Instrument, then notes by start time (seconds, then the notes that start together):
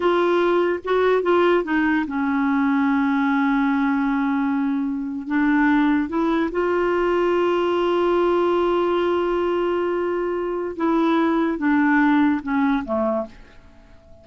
clarinet
0.00 F4
0.84 F#4
1.22 F4
1.64 D#4
2.07 C#4
5.27 D4
6.08 E4
6.51 F4
10.76 E4
11.58 D4
12.42 C#4
12.84 A3